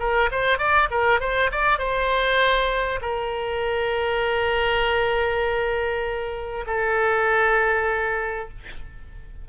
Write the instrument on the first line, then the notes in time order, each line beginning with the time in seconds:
oboe
0.00 A#4
0.32 C5
0.59 D5
0.91 A#4
1.21 C5
1.52 D5
1.79 C5
3.02 A#4
6.67 A4